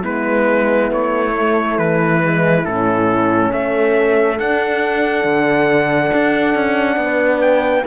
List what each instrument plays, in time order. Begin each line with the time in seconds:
0.00 cello G#3, horn B3 E4, trumpet B4
0.91 cello A3, trumpet C#5
1.37 horn A3
1.78 cello E3, trumpet B4
2.22 horn G#3
2.63 cello A2, horn C#4, trumpet A4
3.52 cello A3, horn A4, trumpet E5
4.36 horn D4, cello D4, trumpet F#5
5.24 cello D3
6.13 cello D4
6.54 cello C#4
6.96 cello B3
7.03 horn B4
7.41 trumpet G5